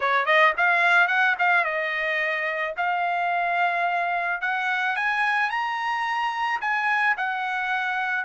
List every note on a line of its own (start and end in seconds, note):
0.00 0.25 C#5
0.25 0.53 D#5
0.57 1.07 F5
1.07 1.35 F#5
1.39 1.64 F5
1.64 2.74 D#5
2.76 4.41 F5
4.41 4.95 F#5
4.95 5.49 G#5
5.49 6.60 A#5
6.61 7.16 G#5
7.17 8.24 F#5